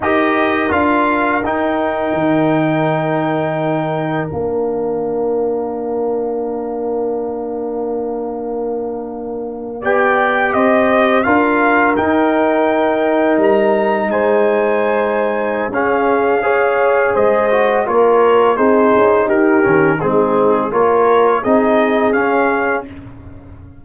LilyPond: <<
  \new Staff \with { instrumentName = "trumpet" } { \time 4/4 \tempo 4 = 84 dis''4 f''4 g''2~ | g''2 f''2~ | f''1~ | f''4.~ f''16 g''4 dis''4 f''16~ |
f''8. g''2 ais''4 gis''16~ | gis''2 f''2 | dis''4 cis''4 c''4 ais'4 | gis'4 cis''4 dis''4 f''4 | }
  \new Staff \with { instrumentName = "horn" } { \time 4/4 ais'1~ | ais'1~ | ais'1~ | ais'4.~ ais'16 d''4 c''4 ais'16~ |
ais'2.~ ais'8. c''16~ | c''2 gis'4 cis''4 | c''4 ais'4 gis'4 g'4 | dis'4 ais'4 gis'2 | }
  \new Staff \with { instrumentName = "trombone" } { \time 4/4 g'4 f'4 dis'2~ | dis'2 d'2~ | d'1~ | d'4.~ d'16 g'2 f'16~ |
f'8. dis'2.~ dis'16~ | dis'2 cis'4 gis'4~ | gis'8 fis'8 f'4 dis'4. cis'8 | c'4 f'4 dis'4 cis'4 | }
  \new Staff \with { instrumentName = "tuba" } { \time 4/4 dis'4 d'4 dis'4 dis4~ | dis2 ais2~ | ais1~ | ais4.~ ais16 b4 c'4 d'16~ |
d'8. dis'2 g4 gis16~ | gis2 cis'2 | gis4 ais4 c'8 cis'8 dis'8 dis8 | gis4 ais4 c'4 cis'4 | }
>>